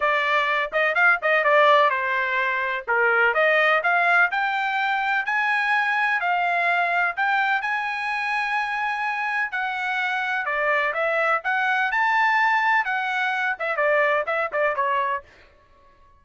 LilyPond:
\new Staff \with { instrumentName = "trumpet" } { \time 4/4 \tempo 4 = 126 d''4. dis''8 f''8 dis''8 d''4 | c''2 ais'4 dis''4 | f''4 g''2 gis''4~ | gis''4 f''2 g''4 |
gis''1 | fis''2 d''4 e''4 | fis''4 a''2 fis''4~ | fis''8 e''8 d''4 e''8 d''8 cis''4 | }